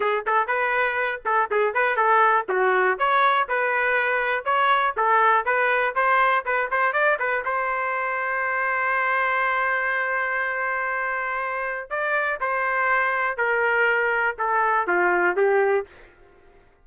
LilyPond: \new Staff \with { instrumentName = "trumpet" } { \time 4/4 \tempo 4 = 121 gis'8 a'8 b'4. a'8 gis'8 b'8 | a'4 fis'4 cis''4 b'4~ | b'4 cis''4 a'4 b'4 | c''4 b'8 c''8 d''8 b'8 c''4~ |
c''1~ | c''1 | d''4 c''2 ais'4~ | ais'4 a'4 f'4 g'4 | }